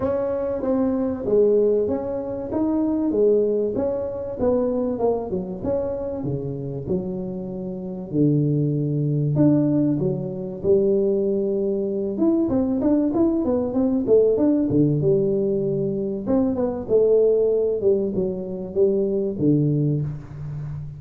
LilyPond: \new Staff \with { instrumentName = "tuba" } { \time 4/4 \tempo 4 = 96 cis'4 c'4 gis4 cis'4 | dis'4 gis4 cis'4 b4 | ais8 fis8 cis'4 cis4 fis4~ | fis4 d2 d'4 |
fis4 g2~ g8 e'8 | c'8 d'8 e'8 b8 c'8 a8 d'8 d8 | g2 c'8 b8 a4~ | a8 g8 fis4 g4 d4 | }